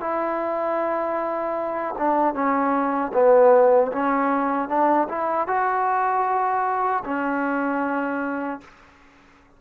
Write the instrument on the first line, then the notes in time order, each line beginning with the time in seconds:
trombone
0.00 E4
1.98 D4
2.34 C#4
3.13 B3
3.92 C#4
4.69 D4
5.09 E4
5.48 F#4
7.05 C#4